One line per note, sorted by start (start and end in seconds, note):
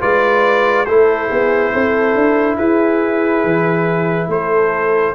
0.00 0.86 G#3
0.00 0.86 F4
0.00 0.86 B4
0.00 0.85 D5
0.85 1.29 A3
0.85 5.15 E4
0.85 1.28 A4
0.85 2.56 C5
1.28 1.73 B3
1.28 1.71 G#4
1.72 2.14 C4
1.72 2.56 A4
2.14 2.57 D4
2.56 3.44 E4
2.56 4.28 G#4
2.56 4.29 B4
3.44 4.27 E3
4.27 5.13 A3
4.27 5.15 A4
4.27 5.15 C5